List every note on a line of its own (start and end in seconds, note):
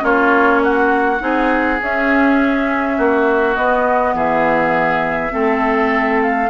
0.00 1.21 A#3
0.00 1.18 C#4
0.00 0.62 F4
0.00 0.64 C#5
0.64 1.23 F#4
0.64 1.81 F#5
1.21 1.81 C4
1.21 1.79 D#4
1.21 2.98 G#4
1.81 2.99 C#4
1.81 3.57 C#4
1.81 3.56 E5
2.98 3.57 A#3
2.98 4.15 F#4
3.56 5.31 B3
3.56 4.14 B3
3.56 4.14 D#5
4.14 5.32 E3
4.14 5.33 G#4
4.14 6.23 E5
5.31 6.51 A3
5.31 6.49 C4
5.31 6.51 A4
6.23 6.51 F5